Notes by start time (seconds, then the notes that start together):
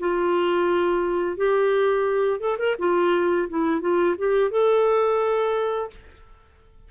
0.00 F4
1.37 G4
2.40 A4
2.58 A#4
2.79 F4
3.49 E4
3.81 F4
4.18 G4
4.51 A4